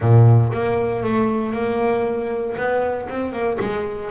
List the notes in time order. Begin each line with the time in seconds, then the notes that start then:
0.00 A#2
0.52 A#3
1.03 A3
1.53 A#3
2.56 B3
3.09 C4
3.32 A#3
3.59 G#3